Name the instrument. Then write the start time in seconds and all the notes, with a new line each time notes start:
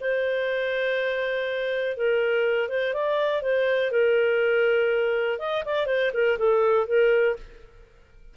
clarinet
0.00 C5
1.96 A#4
2.69 C5
2.94 D5
3.42 C5
3.91 A#4
5.39 D#5
5.65 D5
5.86 C5
6.13 A#4
6.38 A4
6.87 A#4